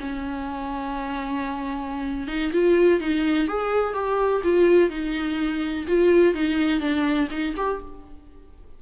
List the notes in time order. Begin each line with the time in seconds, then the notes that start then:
0.00 C#4
2.27 D#4
2.52 F4
3.00 D#4
3.48 G#4
3.94 G4
4.43 F4
4.90 D#4
5.87 F4
6.34 D#4
6.80 D4
7.30 D#4
7.56 G4